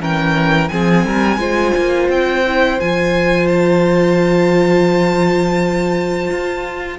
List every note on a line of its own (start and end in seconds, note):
0.00 0.70 E3
0.00 0.70 C#4
0.00 0.71 A#4
0.00 0.68 G5
0.68 1.05 F3
0.68 1.39 C4
0.68 1.07 G#4
0.68 2.08 G#5
1.05 1.37 G3
1.05 1.40 A#4
1.37 1.72 G#3
1.37 2.44 F4
1.37 6.98 C5
1.77 2.09 A#3
2.09 2.78 C4
2.09 2.80 G5
2.47 2.81 E4
2.80 6.30 F3
2.80 6.99 F4
2.80 3.48 G#5
3.48 6.97 A5
6.30 6.99 F4